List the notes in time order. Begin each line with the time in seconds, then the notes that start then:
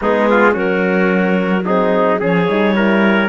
0.01 G#3 B3 D#4 G#4
0.30 F4
0.51 F#3 C#4 F#4 A#4
1.65 C4 D#4 G#4
2.19 F3 C#4 G#4 C#5
2.48 G3 D#4
2.75 E4 A#4